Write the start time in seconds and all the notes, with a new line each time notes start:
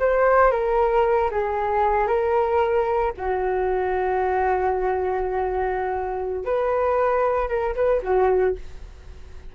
0.00 C5
0.51 A#4
1.31 G#4
2.07 A#4
3.17 F#4
6.45 B4
7.49 A#4
7.75 B4
8.03 F#4